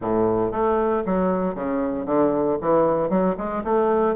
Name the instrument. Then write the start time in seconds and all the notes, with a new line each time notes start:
bassoon
0.01 A2
0.51 A3
1.05 F#3
1.54 C#3
2.05 D3
2.61 E3
3.09 F#3
3.37 G#3
3.63 A3